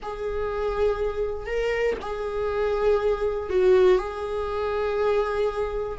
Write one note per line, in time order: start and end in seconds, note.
0.02 1.46 G#4
1.46 1.96 A#4
2.01 3.49 G#4
3.49 3.98 F#4
3.98 5.98 G#4